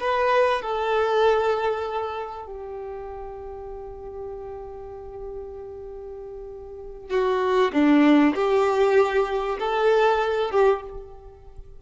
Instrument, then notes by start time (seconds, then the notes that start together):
violin
0.00 B4
0.62 A4
2.47 G4
7.10 F#4
7.73 D4
8.35 G4
9.60 A4
10.51 G4